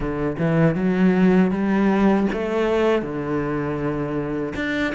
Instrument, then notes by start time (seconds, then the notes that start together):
cello
0.00 D3
0.38 E3
0.75 F#3
1.51 G3
2.33 A3
3.01 D3
4.55 D4